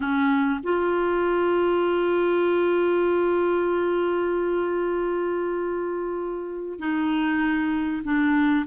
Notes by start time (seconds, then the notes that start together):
0.00 C#4
0.63 F4
6.79 D#4
8.04 D4